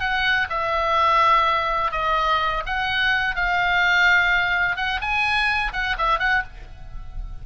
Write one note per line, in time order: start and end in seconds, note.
0.00 0.47 F#5
0.49 1.91 E5
1.91 2.63 D#5
2.66 3.35 F#5
3.35 4.76 F5
4.76 5.00 F#5
5.01 5.72 G#5
5.73 5.96 F#5
5.98 6.19 E5
6.19 6.43 F#5